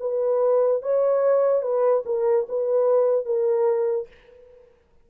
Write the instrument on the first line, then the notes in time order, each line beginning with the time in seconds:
horn
0.00 B4
0.82 C#5
1.62 B4
2.05 A#4
2.48 B4
3.25 A#4